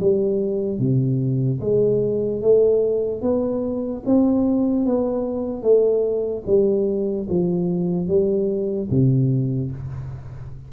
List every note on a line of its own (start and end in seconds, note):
0.00 0.79 G3
0.79 1.60 C3
1.60 2.41 G#3
2.41 3.22 A3
3.22 4.03 B3
4.05 4.86 C4
4.86 5.62 B3
5.62 6.43 A3
6.46 7.28 G3
7.29 8.08 F3
8.08 8.89 G3
8.90 9.71 C3